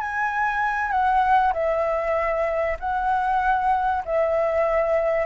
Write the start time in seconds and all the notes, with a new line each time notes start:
0.00 G#5
0.91 F#5
1.53 E5
2.79 F#5
4.05 E5